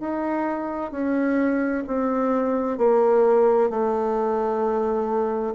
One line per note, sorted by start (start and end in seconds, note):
0.00 0.91 D#4
0.91 1.84 C#4
1.87 2.78 C4
2.78 3.70 A#3
3.70 5.54 A3